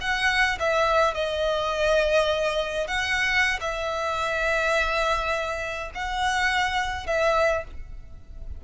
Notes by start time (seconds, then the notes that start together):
0.00 F#5
0.59 E5
1.14 D#5
2.87 F#5
3.60 E5
5.94 F#5
7.06 E5